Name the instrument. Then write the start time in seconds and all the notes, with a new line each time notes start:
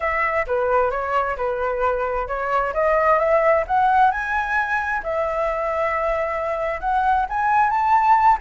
flute
0.00 E5
0.46 B4
0.90 C#5
1.36 B4
2.27 C#5
2.73 D#5
3.18 E5
3.67 F#5
4.11 G#5
5.03 E5
6.80 F#5
7.29 G#5
7.69 A5